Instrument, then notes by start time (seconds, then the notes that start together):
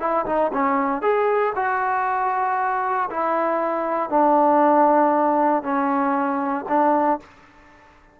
trombone
0.00 E4
0.26 D#4
0.53 C#4
1.02 G#4
1.55 F#4
3.10 E4
4.10 D4
5.63 C#4
6.69 D4